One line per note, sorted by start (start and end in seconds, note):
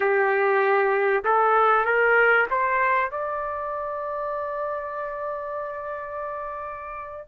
0.00 1.24 G4
1.24 1.85 A4
1.85 2.47 A#4
2.50 3.10 C5
3.10 7.27 D5